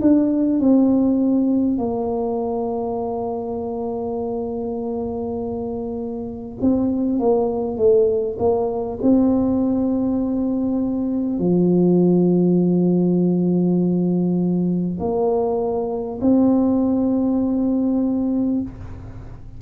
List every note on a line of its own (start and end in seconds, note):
0.00 0.59 D4
0.59 1.78 C4
1.78 6.58 A#3
6.61 7.19 C4
7.19 7.77 A#3
7.77 8.37 A3
8.38 8.98 A#3
9.02 11.38 C4
11.38 14.98 F3
14.99 16.19 A#3
16.21 18.61 C4